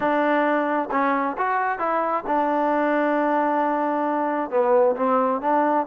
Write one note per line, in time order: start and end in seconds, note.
0.00 0.89 D4
0.91 1.36 C#4
1.37 1.78 F#4
1.78 2.23 E4
2.27 4.50 D4
4.50 4.95 B3
4.96 5.41 C4
5.41 5.86 D4